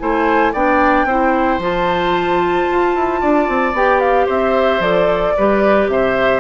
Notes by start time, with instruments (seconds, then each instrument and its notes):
0.00 bassoon A3, clarinet E4, oboe C5, flute G#5
0.53 bassoon B3, clarinet D4, oboe D5, flute G5
1.05 bassoon C4, clarinet E4, oboe C5
1.59 bassoon F3, clarinet F4, flute A5
2.71 bassoon F4
2.95 bassoon E4
3.21 bassoon D4, oboe D5
3.49 bassoon C4
3.73 bassoon B3, clarinet G4, flute G5
4.01 flute F5
4.27 bassoon C4, oboe C5, flute E5
4.80 bassoon F3, clarinet A4, flute D5
5.37 bassoon G3, clarinet G4, oboe B4
5.88 bassoon C3, oboe C5, flute E5